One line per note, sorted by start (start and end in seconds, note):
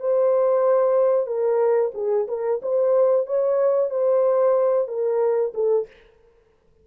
0.00 1.27 C5
1.27 1.92 A#4
1.95 2.27 G#4
2.28 2.61 A#4
2.62 3.27 C5
3.27 3.91 C#5
3.91 4.88 C5
4.88 5.53 A#4
5.55 5.87 A4